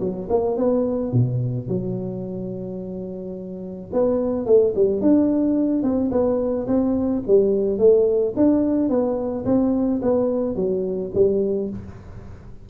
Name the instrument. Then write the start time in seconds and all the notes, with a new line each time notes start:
tuba
0.00 F#3
0.29 A#3
0.57 B3
1.12 B2
1.68 F#3
3.93 B3
4.46 A3
4.75 G3
5.01 D4
5.83 C4
6.11 B3
6.67 C4
7.27 G3
7.78 A3
8.36 D4
8.89 B3
9.45 C4
10.02 B3
10.56 F#3
11.14 G3